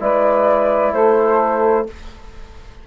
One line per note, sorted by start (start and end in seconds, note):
0.00 0.93 G#3
0.00 1.88 E4
0.00 0.93 B4
0.00 0.94 D5
0.93 1.87 A3
0.93 1.87 A4
0.93 1.88 C5